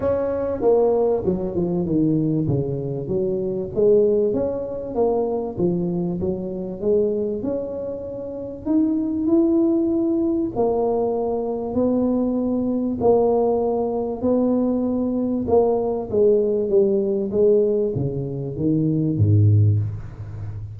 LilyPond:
\new Staff \with { instrumentName = "tuba" } { \time 4/4 \tempo 4 = 97 cis'4 ais4 fis8 f8 dis4 | cis4 fis4 gis4 cis'4 | ais4 f4 fis4 gis4 | cis'2 dis'4 e'4~ |
e'4 ais2 b4~ | b4 ais2 b4~ | b4 ais4 gis4 g4 | gis4 cis4 dis4 gis,4 | }